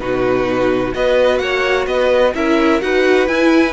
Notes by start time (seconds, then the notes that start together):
0.00 B2 D#4 F#4 B4
0.93 B3 F#4 B4 D#5
1.38 A#3 C#5 F#5
1.87 B3 B4 D#5
2.35 C#4 E4 A#4 E5
2.81 D#4 F#4 B4 F#5
3.28 E4 G#5